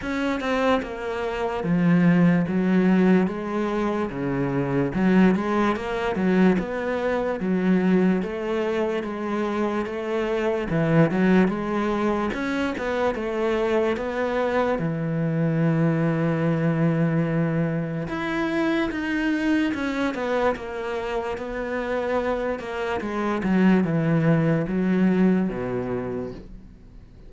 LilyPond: \new Staff \with { instrumentName = "cello" } { \time 4/4 \tempo 4 = 73 cis'8 c'8 ais4 f4 fis4 | gis4 cis4 fis8 gis8 ais8 fis8 | b4 fis4 a4 gis4 | a4 e8 fis8 gis4 cis'8 b8 |
a4 b4 e2~ | e2 e'4 dis'4 | cis'8 b8 ais4 b4. ais8 | gis8 fis8 e4 fis4 b,4 | }